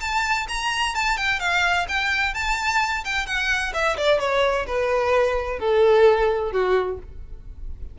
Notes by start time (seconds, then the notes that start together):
0.00 A5
0.48 A#5
0.95 A5
1.17 G5
1.40 F5
1.88 G5
2.34 A5
3.04 G5
3.26 F#5
3.73 E5
3.97 D5
4.19 C#5
4.67 B4
5.59 A4
6.52 F#4